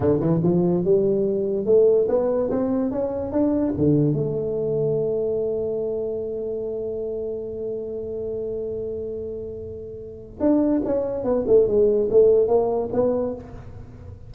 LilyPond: \new Staff \with { instrumentName = "tuba" } { \time 4/4 \tempo 4 = 144 d8 e8 f4 g2 | a4 b4 c'4 cis'4 | d'4 d4 a2~ | a1~ |
a1~ | a1~ | a4 d'4 cis'4 b8 a8 | gis4 a4 ais4 b4 | }